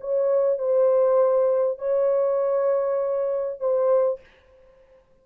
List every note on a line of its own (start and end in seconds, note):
0.00 0.58 C#5
0.58 1.78 C5
1.78 3.60 C#5
3.60 4.20 C5